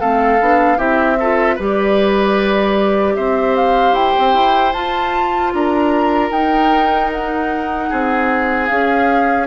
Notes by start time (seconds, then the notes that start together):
0.00 A3 C4 A4 F5
0.41 B3 D4
0.77 C4 E4 G4 E5
1.20 F4 A4
1.56 G3 G4 B4 D5
3.16 C4 C5 E5
3.56 F5
3.93 E4 G5
4.19 C4
4.34 E4
4.73 F4 A5
5.54 D4 A#4 A#5
6.31 D#4 G5
7.13 F#5
7.90 C4 G#4
8.67 C#4 G#4 F5